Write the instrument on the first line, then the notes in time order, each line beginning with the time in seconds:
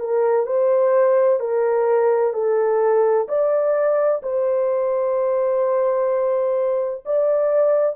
horn
0.00 A#4
0.47 C5
1.40 A#4
2.34 A4
3.29 D5
4.23 C5
7.06 D5